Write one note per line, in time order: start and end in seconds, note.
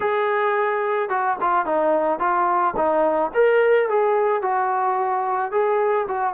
0.00 1.09 G#4
1.09 1.36 F#4
1.40 1.65 F4
1.65 2.19 D#4
2.19 2.74 F4
2.76 3.31 D#4
3.34 3.89 A#4
3.89 4.42 G#4
4.42 5.51 F#4
5.51 6.06 G#4
6.08 6.33 F#4